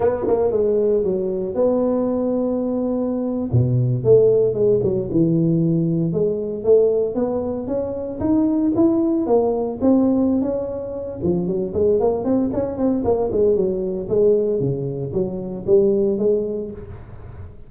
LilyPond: \new Staff \with { instrumentName = "tuba" } { \time 4/4 \tempo 4 = 115 b8 ais8 gis4 fis4 b4~ | b2~ b8. b,4 a16~ | a8. gis8 fis8 e2 gis16~ | gis8. a4 b4 cis'4 dis'16~ |
dis'8. e'4 ais4 c'4~ c'16 | cis'4. f8 fis8 gis8 ais8 c'8 | cis'8 c'8 ais8 gis8 fis4 gis4 | cis4 fis4 g4 gis4 | }